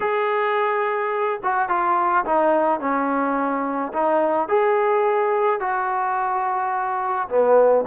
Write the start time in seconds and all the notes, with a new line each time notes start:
0.00 G#4
1.43 F#4
1.68 F4
2.25 D#4
2.80 C#4
3.93 D#4
4.48 G#4
5.59 F#4
7.28 B3